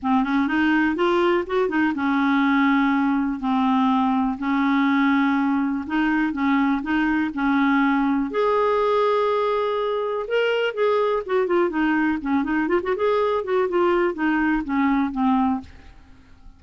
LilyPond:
\new Staff \with { instrumentName = "clarinet" } { \time 4/4 \tempo 4 = 123 c'8 cis'8 dis'4 f'4 fis'8 dis'8 | cis'2. c'4~ | c'4 cis'2. | dis'4 cis'4 dis'4 cis'4~ |
cis'4 gis'2.~ | gis'4 ais'4 gis'4 fis'8 f'8 | dis'4 cis'8 dis'8 f'16 fis'16 gis'4 fis'8 | f'4 dis'4 cis'4 c'4 | }